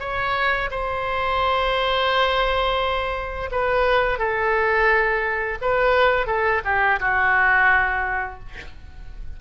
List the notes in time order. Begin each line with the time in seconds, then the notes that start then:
0.00 C#5
0.71 C5
3.52 B4
4.19 A4
5.61 B4
6.27 A4
6.65 G4
7.00 F#4